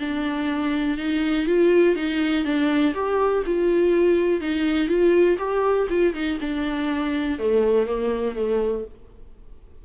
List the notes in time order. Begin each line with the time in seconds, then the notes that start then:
0.00 D4
0.98 D#4
1.47 F4
1.96 D#4
2.45 D4
2.95 G4
3.46 F4
4.41 D#4
4.88 F4
5.39 G4
5.90 F4
6.14 D#4
6.41 D4
7.39 A3
7.87 A#3
8.36 A3